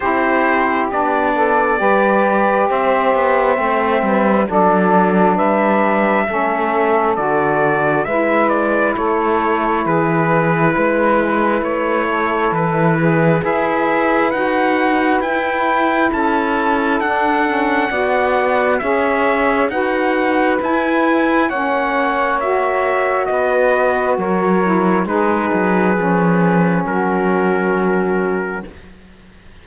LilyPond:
<<
  \new Staff \with { instrumentName = "trumpet" } { \time 4/4 \tempo 4 = 67 c''4 d''2 e''4~ | e''4 d''4 e''2 | d''4 e''8 d''8 cis''4 b'4~ | b'4 cis''4 b'4 e''4 |
fis''4 g''4 a''4 fis''4~ | fis''4 e''4 fis''4 gis''4 | fis''4 e''4 dis''4 cis''4 | b'2 ais'2 | }
  \new Staff \with { instrumentName = "saxophone" } { \time 4/4 g'4. a'8 b'4 c''4~ | c''8 b'8 a'4 b'4 a'4~ | a'4 b'4 a'4 gis'4 | b'4. a'4 gis'8 b'4~ |
b'2 a'2 | d''4 cis''4 b'2 | cis''2 b'4 ais'4 | gis'2 fis'2 | }
  \new Staff \with { instrumentName = "saxophone" } { \time 4/4 e'4 d'4 g'2 | c'4 d'2 cis'4 | fis'4 e'2.~ | e'2. gis'4 |
fis'4 e'2 d'8 cis'8 | fis'4 gis'4 fis'4 e'4 | cis'4 fis'2~ fis'8 e'8 | dis'4 cis'2. | }
  \new Staff \with { instrumentName = "cello" } { \time 4/4 c'4 b4 g4 c'8 b8 | a8 g8 fis4 g4 a4 | d4 gis4 a4 e4 | gis4 a4 e4 e'4 |
dis'4 e'4 cis'4 d'4 | b4 cis'4 dis'4 e'4 | ais2 b4 fis4 | gis8 fis8 f4 fis2 | }
>>